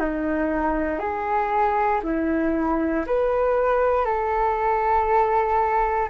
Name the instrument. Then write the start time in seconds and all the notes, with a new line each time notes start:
flute
0.00 D#4
0.99 G#4
2.04 E4
3.06 B4
4.05 A4